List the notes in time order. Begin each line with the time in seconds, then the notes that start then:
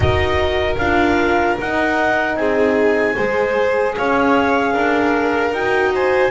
0.00 D#4 F#4 A#4 D#5
0.77 D4 F4 F5
1.59 D#4 F#5
2.36 C4 G#4 G#5
3.15 G#3 G#4 C5
3.96 C#4 C#5 F5
4.73 D4 A#4
5.51 D#4 F#4 G5
5.93 C5 G#5